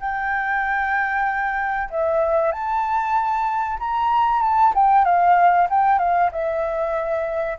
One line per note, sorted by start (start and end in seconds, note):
0.00 1.89 G5
1.90 2.52 E5
2.52 3.78 A5
3.79 4.42 A#5
4.42 4.73 A5
4.74 5.05 G5
5.05 5.68 F5
5.70 5.99 G5
5.99 6.30 F5
6.32 7.58 E5